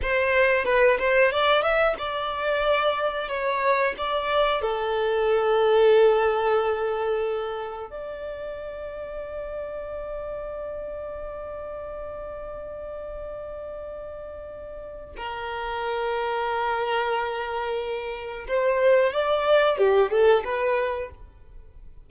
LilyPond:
\new Staff \with { instrumentName = "violin" } { \time 4/4 \tempo 4 = 91 c''4 b'8 c''8 d''8 e''8 d''4~ | d''4 cis''4 d''4 a'4~ | a'1 | d''1~ |
d''1~ | d''2. ais'4~ | ais'1 | c''4 d''4 g'8 a'8 b'4 | }